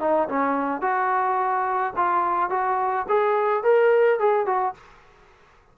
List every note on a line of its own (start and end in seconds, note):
0.00 0.28 D#4
0.29 0.81 C#4
0.81 1.93 F#4
1.96 2.50 F4
2.50 3.06 F#4
3.09 3.63 G#4
3.63 4.20 A#4
4.20 4.46 G#4
4.46 4.74 F#4